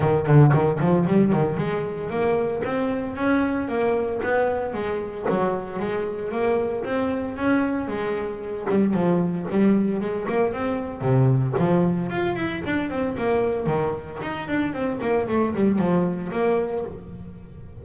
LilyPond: \new Staff \with { instrumentName = "double bass" } { \time 4/4 \tempo 4 = 114 dis8 d8 dis8 f8 g8 dis8 gis4 | ais4 c'4 cis'4 ais4 | b4 gis4 fis4 gis4 | ais4 c'4 cis'4 gis4~ |
gis8 g8 f4 g4 gis8 ais8 | c'4 c4 f4 f'8 e'8 | d'8 c'8 ais4 dis4 dis'8 d'8 | c'8 ais8 a8 g8 f4 ais4 | }